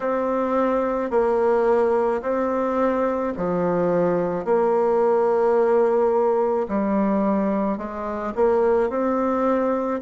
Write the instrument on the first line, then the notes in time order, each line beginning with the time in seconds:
bassoon
0.00 C4
1.10 A#3
2.22 C4
3.36 F3
4.44 A#3
6.68 G3
7.77 G#3
8.35 A#3
8.89 C4